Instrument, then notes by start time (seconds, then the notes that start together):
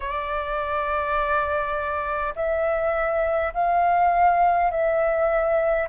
flute
0.00 D5
2.35 E5
3.53 F5
4.71 E5